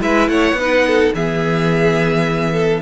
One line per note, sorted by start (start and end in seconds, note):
0.00 0.28 G#3
0.00 0.57 E4
0.00 0.30 B4
0.00 0.29 E5
0.28 0.53 A3
0.28 0.59 C#5
0.28 1.14 F#5
0.53 1.10 B3
0.59 1.15 D#4
0.59 0.87 B4
0.87 1.15 A4
1.15 2.82 E3
1.15 2.82 B3
1.15 2.53 G#4
1.15 2.82 E5
2.53 2.81 A4